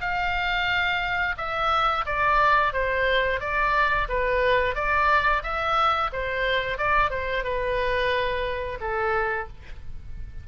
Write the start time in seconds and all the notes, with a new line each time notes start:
0.00 F5
1.37 E5
2.06 D5
2.72 C5
3.40 D5
4.08 B4
4.75 D5
5.42 E5
6.12 C5
6.78 D5
7.10 C5
7.43 B4
8.80 A4